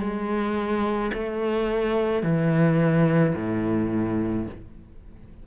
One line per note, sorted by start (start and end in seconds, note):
0.00 1.11 G#3
1.14 2.23 A3
2.23 3.34 E3
3.35 4.46 A2